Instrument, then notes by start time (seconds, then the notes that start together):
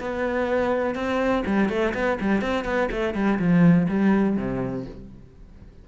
cello
0.00 B3
0.94 C4
1.46 G3
1.69 A3
1.94 B3
2.20 G3
2.41 C4
2.64 B3
2.91 A3
3.14 G3
3.39 F3
3.88 G3
4.36 C3